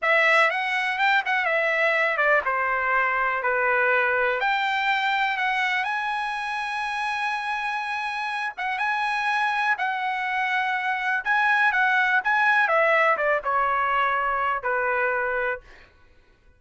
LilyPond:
\new Staff \with { instrumentName = "trumpet" } { \time 4/4 \tempo 4 = 123 e''4 fis''4 g''8 fis''8 e''4~ | e''8 d''8 c''2 b'4~ | b'4 g''2 fis''4 | gis''1~ |
gis''4. fis''8 gis''2 | fis''2. gis''4 | fis''4 gis''4 e''4 d''8 cis''8~ | cis''2 b'2 | }